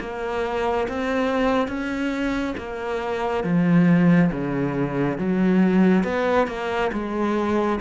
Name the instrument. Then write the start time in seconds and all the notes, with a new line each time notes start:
cello
0.00 A#3
0.88 C4
1.68 C#4
2.57 A#3
3.43 F3
4.31 C#3
5.18 F#3
6.04 B3
6.47 A#3
6.92 G#3